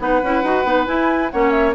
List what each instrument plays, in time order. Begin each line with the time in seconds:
0.00 bassoon B3, clarinet D#4, oboe B4, flute F#5
0.23 bassoon C#4, clarinet E4
0.43 bassoon D#4, clarinet F#4
0.65 bassoon B3, clarinet D#4
0.86 clarinet E4, bassoon E4, flute G#5
1.31 bassoon A#3, clarinet C#4, oboe C#5, flute F#5
1.51 flute E5